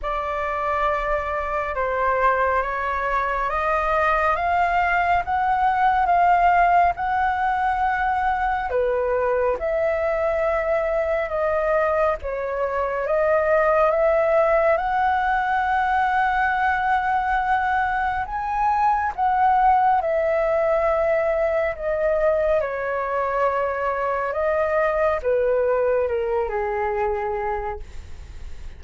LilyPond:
\new Staff \with { instrumentName = "flute" } { \time 4/4 \tempo 4 = 69 d''2 c''4 cis''4 | dis''4 f''4 fis''4 f''4 | fis''2 b'4 e''4~ | e''4 dis''4 cis''4 dis''4 |
e''4 fis''2.~ | fis''4 gis''4 fis''4 e''4~ | e''4 dis''4 cis''2 | dis''4 b'4 ais'8 gis'4. | }